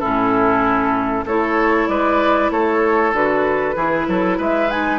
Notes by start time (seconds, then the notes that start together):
0.00 A2 C#4 E4 A4
1.25 A3 E4 A4 C#5
1.88 G#3 B4 D5
2.51 A3 A4 C#5
3.13 D3 F#4 B4
3.76 E3 E4 G#4
4.08 F#3 A4
4.38 G#3 B4 E5
4.70 D#4 G#5